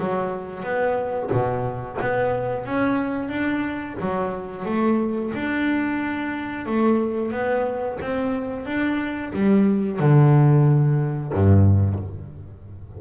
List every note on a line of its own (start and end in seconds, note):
0.00 0.63 F#3
0.63 1.30 B3
1.32 1.99 B2
2.01 2.66 B3
2.66 3.29 C#4
3.29 3.96 D4
4.01 4.65 F#3
4.65 5.32 A3
5.35 6.66 D4
6.66 7.32 A3
7.32 7.98 B3
8.02 8.66 C4
8.66 9.32 D4
9.33 10.00 G3
10.00 11.33 D3
11.33 12.00 G2